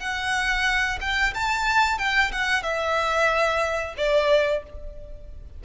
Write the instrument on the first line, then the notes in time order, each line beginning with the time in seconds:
violin
0.00 F#5
1.01 G5
1.34 A5
1.99 G5
2.32 F#5
2.63 E5
3.97 D5